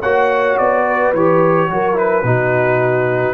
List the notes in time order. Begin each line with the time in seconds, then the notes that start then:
0.00 A#3 F#4 C#5 F#5
0.57 B3 D5
0.86 B4
1.13 E3 G4 C#5
1.69 F#3 F#4 A#4
1.94 E4 B4
2.23 B2 D#4 F#4